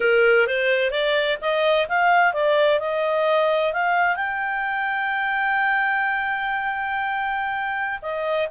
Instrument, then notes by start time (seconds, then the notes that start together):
clarinet
0.00 A#4
0.47 C5
0.90 D5
1.41 D#5
1.88 F5
2.33 D5
2.79 D#5
3.72 F5
4.15 G5
8.01 D#5